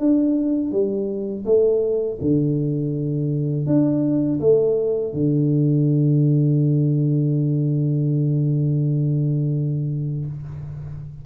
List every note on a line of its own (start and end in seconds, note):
0.00 0.72 D4
0.72 1.45 G3
1.45 2.19 A3
2.21 3.67 D3
3.67 4.40 D4
4.40 5.14 A3
5.14 10.26 D3